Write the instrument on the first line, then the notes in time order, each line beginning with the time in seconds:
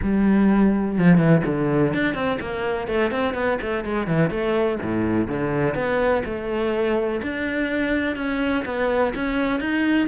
cello
0.02 G3
0.97 F3
1.18 E3
1.45 D3
1.93 D4
2.14 C4
2.40 A#3
2.87 A3
3.11 C4
3.34 B3
3.61 A3
3.84 G#3
4.07 E3
4.30 A3
4.82 A2
5.27 D3
5.75 B3
6.25 A3
7.22 D4
8.16 C#4
8.65 B3
9.15 C#4
9.60 D#4